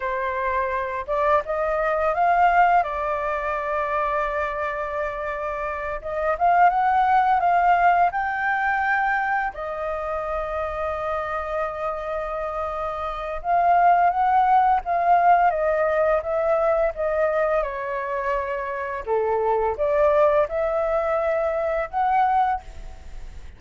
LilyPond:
\new Staff \with { instrumentName = "flute" } { \time 4/4 \tempo 4 = 85 c''4. d''8 dis''4 f''4 | d''1~ | d''8 dis''8 f''8 fis''4 f''4 g''8~ | g''4. dis''2~ dis''8~ |
dis''2. f''4 | fis''4 f''4 dis''4 e''4 | dis''4 cis''2 a'4 | d''4 e''2 fis''4 | }